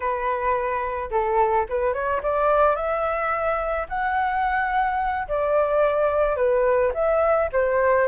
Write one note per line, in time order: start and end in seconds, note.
0.00 1.10 B4
1.10 1.66 A4
1.69 1.93 B4
1.93 2.21 C#5
2.22 2.75 D5
2.75 3.86 E5
3.88 5.27 F#5
5.28 6.36 D5
6.36 6.91 B4
6.94 7.49 E5
7.52 8.07 C5